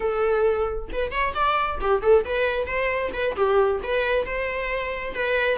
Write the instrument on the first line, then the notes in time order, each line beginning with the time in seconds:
viola
0.00 A4
0.92 B4
1.11 C#5
1.34 D5
1.80 G4
2.02 A4
2.24 B4
2.66 C5
3.13 B4
3.36 G4
3.83 B4
4.25 C5
5.14 B4